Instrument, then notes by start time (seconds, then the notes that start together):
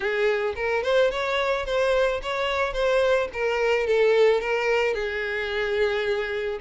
violin
0.00 G#4
0.55 A#4
0.83 C5
1.10 C#5
1.65 C5
2.22 C#5
2.73 C5
3.33 A#4
3.86 A4
4.40 A#4
4.94 G#4